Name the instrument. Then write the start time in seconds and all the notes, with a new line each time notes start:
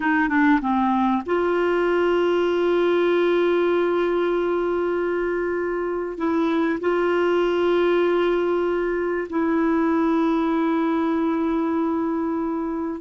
clarinet
0.00 D#4
0.28 D4
0.61 C4
1.25 F4
6.17 E4
6.80 F4
9.30 E4